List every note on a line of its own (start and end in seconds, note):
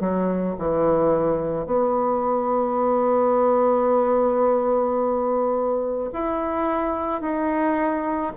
0.00 0.56 F#3
0.58 1.66 E3
1.66 6.11 B3
6.13 7.21 E4
7.21 8.32 D#4